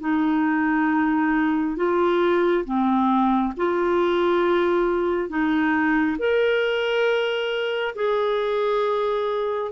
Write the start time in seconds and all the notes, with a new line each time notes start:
0.00 D#4
1.76 F4
2.65 C4
3.57 F4
5.29 D#4
6.18 A#4
7.95 G#4